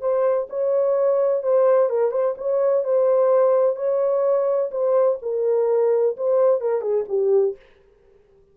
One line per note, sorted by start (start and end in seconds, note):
0.00 0.47 C5
0.49 1.42 C#5
1.42 1.89 C5
1.89 2.11 A#4
2.11 2.35 C5
2.37 2.84 C#5
2.84 3.76 C5
3.76 4.70 C#5
4.71 5.18 C5
5.22 6.16 A#4
6.16 6.61 C5
6.61 6.81 A#4
6.81 7.05 G#4
7.08 7.55 G4